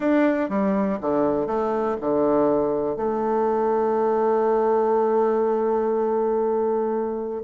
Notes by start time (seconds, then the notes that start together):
0.00 D4
0.49 G3
1.01 D3
1.46 A3
2.00 D3
2.96 A3